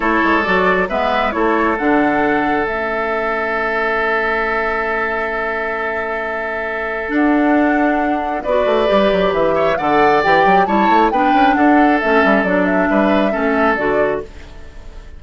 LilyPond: <<
  \new Staff \with { instrumentName = "flute" } { \time 4/4 \tempo 4 = 135 cis''4 d''4 e''4 cis''4 | fis''2 e''2~ | e''1~ | e''1 |
fis''2. d''4~ | d''4 e''4 fis''4 g''4 | a''4 g''4 fis''4 e''4 | d''8 e''2~ e''8 d''4 | }
  \new Staff \with { instrumentName = "oboe" } { \time 4/4 a'2 b'4 a'4~ | a'1~ | a'1~ | a'1~ |
a'2. b'4~ | b'4. cis''8 d''2 | cis''4 b'4 a'2~ | a'4 b'4 a'2 | }
  \new Staff \with { instrumentName = "clarinet" } { \time 4/4 e'4 fis'4 b4 e'4 | d'2 cis'2~ | cis'1~ | cis'1 |
d'2. fis'4 | g'2 a'4 g'4 | e'4 d'2 cis'4 | d'2 cis'4 fis'4 | }
  \new Staff \with { instrumentName = "bassoon" } { \time 4/4 a8 gis8 fis4 gis4 a4 | d2 a2~ | a1~ | a1 |
d'2. b8 a8 | g8 fis8 e4 d4 e8 fis8 | g8 a8 b8 cis'8 d'4 a8 g8 | fis4 g4 a4 d4 | }
>>